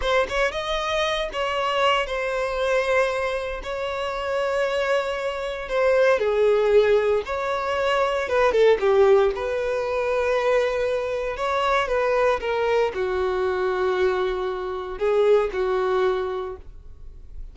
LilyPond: \new Staff \with { instrumentName = "violin" } { \time 4/4 \tempo 4 = 116 c''8 cis''8 dis''4. cis''4. | c''2. cis''4~ | cis''2. c''4 | gis'2 cis''2 |
b'8 a'8 g'4 b'2~ | b'2 cis''4 b'4 | ais'4 fis'2.~ | fis'4 gis'4 fis'2 | }